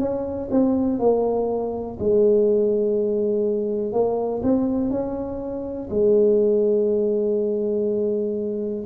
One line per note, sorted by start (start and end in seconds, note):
0.00 0.49 C#4
0.51 1.00 C4
1.00 1.98 A#3
1.99 3.93 G#3
3.93 4.42 A#3
4.43 4.90 C4
4.90 5.89 C#4
5.91 8.86 G#3